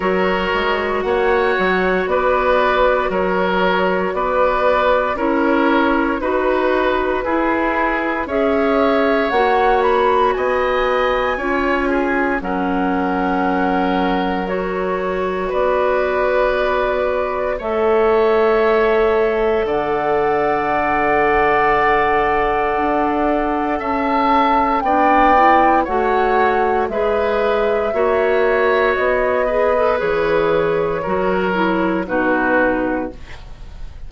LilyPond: <<
  \new Staff \with { instrumentName = "flute" } { \time 4/4 \tempo 4 = 58 cis''4 fis''4 d''4 cis''4 | d''4 cis''4 b'2 | e''4 fis''8 b''8 gis''2 | fis''2 cis''4 d''4~ |
d''4 e''2 fis''4~ | fis''2. a''4 | g''4 fis''4 e''2 | dis''4 cis''2 b'4 | }
  \new Staff \with { instrumentName = "oboe" } { \time 4/4 ais'4 cis''4 b'4 ais'4 | b'4 ais'4 b'4 gis'4 | cis''2 dis''4 cis''8 gis'8 | ais'2. b'4~ |
b'4 cis''2 d''4~ | d''2. e''4 | d''4 cis''4 b'4 cis''4~ | cis''8 b'4. ais'4 fis'4 | }
  \new Staff \with { instrumentName = "clarinet" } { \time 4/4 fis'1~ | fis'4 e'4 fis'4 e'4 | gis'4 fis'2 f'4 | cis'2 fis'2~ |
fis'4 a'2.~ | a'1 | d'8 e'8 fis'4 gis'4 fis'4~ | fis'8 gis'16 a'16 gis'4 fis'8 e'8 dis'4 | }
  \new Staff \with { instrumentName = "bassoon" } { \time 4/4 fis8 gis8 ais8 fis8 b4 fis4 | b4 cis'4 dis'4 e'4 | cis'4 ais4 b4 cis'4 | fis2. b4~ |
b4 a2 d4~ | d2 d'4 cis'4 | b4 a4 gis4 ais4 | b4 e4 fis4 b,4 | }
>>